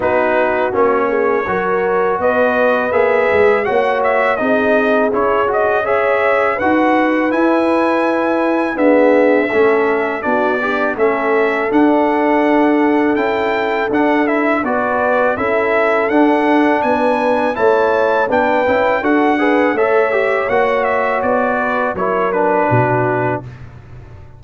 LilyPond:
<<
  \new Staff \with { instrumentName = "trumpet" } { \time 4/4 \tempo 4 = 82 b'4 cis''2 dis''4 | e''4 fis''8 e''8 dis''4 cis''8 dis''8 | e''4 fis''4 gis''2 | e''2 d''4 e''4 |
fis''2 g''4 fis''8 e''8 | d''4 e''4 fis''4 gis''4 | a''4 g''4 fis''4 e''4 | fis''8 e''8 d''4 cis''8 b'4. | }
  \new Staff \with { instrumentName = "horn" } { \time 4/4 fis'4. gis'8 ais'4 b'4~ | b'4 cis''4 gis'2 | cis''4 b'2. | gis'4 a'4 fis'8 d'8 a'4~ |
a'1 | b'4 a'2 b'4 | cis''4 b'4 a'8 b'8 cis''4~ | cis''4. b'8 ais'4 fis'4 | }
  \new Staff \with { instrumentName = "trombone" } { \time 4/4 dis'4 cis'4 fis'2 | gis'4 fis'4 dis'4 e'8 fis'8 | gis'4 fis'4 e'2 | b4 cis'4 d'8 g'8 cis'4 |
d'2 e'4 d'8 e'8 | fis'4 e'4 d'2 | e'4 d'8 e'8 fis'8 gis'8 a'8 g'8 | fis'2 e'8 d'4. | }
  \new Staff \with { instrumentName = "tuba" } { \time 4/4 b4 ais4 fis4 b4 | ais8 gis8 ais4 c'4 cis'4~ | cis'4 dis'4 e'2 | d'4 a4 b4 a4 |
d'2 cis'4 d'4 | b4 cis'4 d'4 b4 | a4 b8 cis'8 d'4 a4 | ais4 b4 fis4 b,4 | }
>>